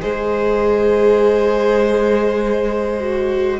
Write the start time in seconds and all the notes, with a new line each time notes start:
0.00 G#3 G#4 C5 D#5
3.00 F#4